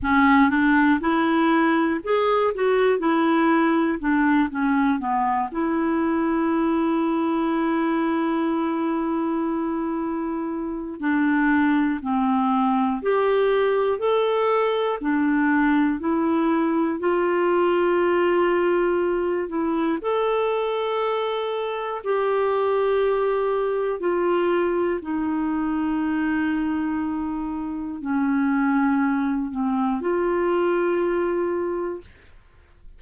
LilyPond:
\new Staff \with { instrumentName = "clarinet" } { \time 4/4 \tempo 4 = 60 cis'8 d'8 e'4 gis'8 fis'8 e'4 | d'8 cis'8 b8 e'2~ e'8~ | e'2. d'4 | c'4 g'4 a'4 d'4 |
e'4 f'2~ f'8 e'8 | a'2 g'2 | f'4 dis'2. | cis'4. c'8 f'2 | }